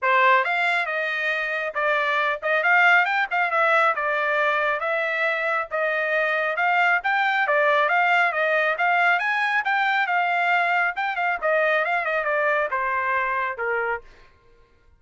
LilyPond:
\new Staff \with { instrumentName = "trumpet" } { \time 4/4 \tempo 4 = 137 c''4 f''4 dis''2 | d''4. dis''8 f''4 g''8 f''8 | e''4 d''2 e''4~ | e''4 dis''2 f''4 |
g''4 d''4 f''4 dis''4 | f''4 gis''4 g''4 f''4~ | f''4 g''8 f''8 dis''4 f''8 dis''8 | d''4 c''2 ais'4 | }